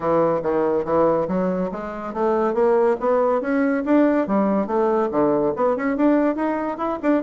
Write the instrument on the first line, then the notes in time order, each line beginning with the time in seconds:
bassoon
0.00 E3
0.42 D#3
0.84 E3
1.28 F#3
1.71 G#3
2.13 A3
2.53 A#3
3.00 B3
3.41 C#4
3.85 D4
4.27 G3
4.66 A3
5.11 D3
5.56 B3
5.76 C#4
5.96 D4
6.35 D#4
6.77 E4
7.02 D4